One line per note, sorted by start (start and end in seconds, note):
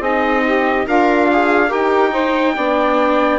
0.00 0.85 C4
0.00 0.87 D#4
0.00 0.42 G#4
0.00 0.87 D#5
0.45 0.87 G4
0.87 1.72 D4
0.87 1.68 F4
0.87 1.29 A#4
0.87 1.72 F5
1.32 1.69 G#4
1.68 2.57 D#4
1.68 2.11 G4
1.68 2.10 A#4
1.68 3.39 G5
2.11 2.54 D#4
2.11 2.54 C5
2.55 3.39 B3
2.55 3.39 D4
2.55 3.39 D5